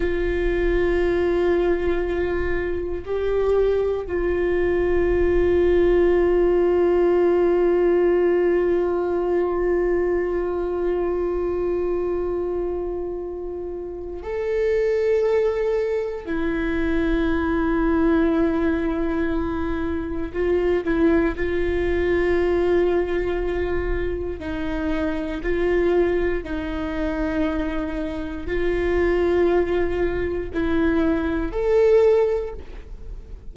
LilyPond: \new Staff \with { instrumentName = "viola" } { \time 4/4 \tempo 4 = 59 f'2. g'4 | f'1~ | f'1~ | f'2 a'2 |
e'1 | f'8 e'8 f'2. | dis'4 f'4 dis'2 | f'2 e'4 a'4 | }